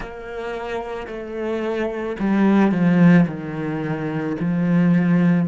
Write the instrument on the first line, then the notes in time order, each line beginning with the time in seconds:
cello
0.00 A#3
1.07 A3
2.19 G3
2.71 F3
3.27 D#3
4.39 F3